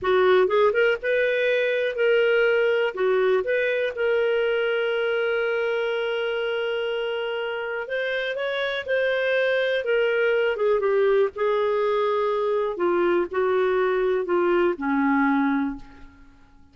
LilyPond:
\new Staff \with { instrumentName = "clarinet" } { \time 4/4 \tempo 4 = 122 fis'4 gis'8 ais'8 b'2 | ais'2 fis'4 b'4 | ais'1~ | ais'1 |
c''4 cis''4 c''2 | ais'4. gis'8 g'4 gis'4~ | gis'2 f'4 fis'4~ | fis'4 f'4 cis'2 | }